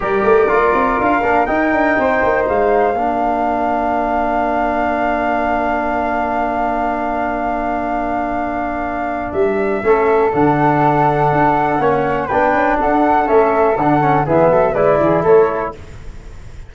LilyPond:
<<
  \new Staff \with { instrumentName = "flute" } { \time 4/4 \tempo 4 = 122 d''2 f''4 g''4~ | g''4 f''2.~ | f''1~ | f''1~ |
f''2. e''4~ | e''4 fis''2.~ | fis''4 g''4 fis''4 e''4 | fis''4 e''4 d''4 cis''4 | }
  \new Staff \with { instrumentName = "flute" } { \time 4/4 ais'1 | c''2 ais'2~ | ais'1~ | ais'1~ |
ais'1 | a'1 | cis''4 b'4 a'2~ | a'4 gis'8 a'8 b'8 gis'8 a'4 | }
  \new Staff \with { instrumentName = "trombone" } { \time 4/4 g'4 f'4. d'8 dis'4~ | dis'2 d'2~ | d'1~ | d'1~ |
d'1 | cis'4 d'2. | cis'4 d'2 cis'4 | d'8 cis'8 b4 e'2 | }
  \new Staff \with { instrumentName = "tuba" } { \time 4/4 g8 a8 ais8 c'8 d'8 ais8 dis'8 d'8 | c'8 ais8 gis4 ais2~ | ais1~ | ais1~ |
ais2. g4 | a4 d2 d'4 | ais4 b8 cis'8 d'4 a4 | d4 e8 fis8 gis8 e8 a4 | }
>>